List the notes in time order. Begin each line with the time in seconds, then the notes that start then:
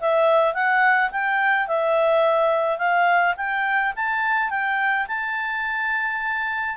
0.00 E5
0.54 F#5
1.11 G5
1.67 E5
2.78 F5
3.37 G5
3.96 A5
4.50 G5
5.07 A5